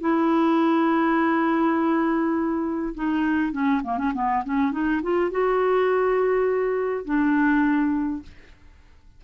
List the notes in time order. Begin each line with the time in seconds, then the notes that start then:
0.00 E4
2.94 D#4
3.52 C#4
3.83 A#3
3.98 C#4
4.14 B3
4.44 C#4
4.72 D#4
5.02 F4
5.31 F#4
7.05 D4